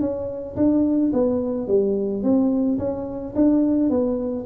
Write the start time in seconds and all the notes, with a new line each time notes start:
0.00 C#4
0.56 D4
1.13 B3
1.67 G3
2.23 C4
2.78 C#4
3.35 D4
3.90 B3